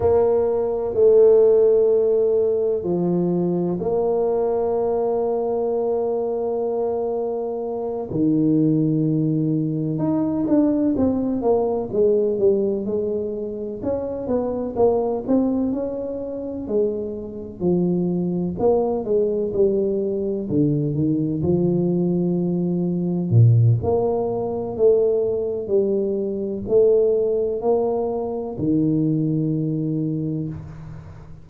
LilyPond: \new Staff \with { instrumentName = "tuba" } { \time 4/4 \tempo 4 = 63 ais4 a2 f4 | ais1~ | ais8 dis2 dis'8 d'8 c'8 | ais8 gis8 g8 gis4 cis'8 b8 ais8 |
c'8 cis'4 gis4 f4 ais8 | gis8 g4 d8 dis8 f4.~ | f8 ais,8 ais4 a4 g4 | a4 ais4 dis2 | }